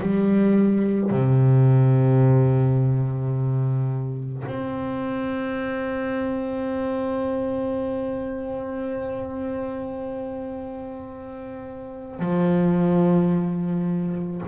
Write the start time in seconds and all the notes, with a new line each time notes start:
0.00 G3
1.10 C3
4.46 C4
12.19 F3